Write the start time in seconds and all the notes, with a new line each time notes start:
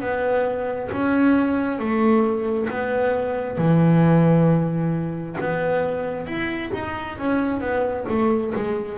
0.00 B3
0.92 C#4
1.79 A3
2.69 B3
3.58 E3
5.40 B3
6.26 E4
6.73 D#4
7.18 C#4
7.60 B3
8.08 A3
8.55 G#3